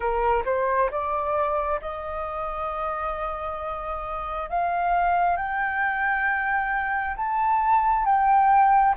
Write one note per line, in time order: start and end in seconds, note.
0.00 0.43 A#4
0.45 0.90 C5
0.90 1.80 D5
1.81 4.49 D#5
4.49 5.36 F5
5.36 7.16 G5
7.16 8.05 A5
8.05 8.94 G5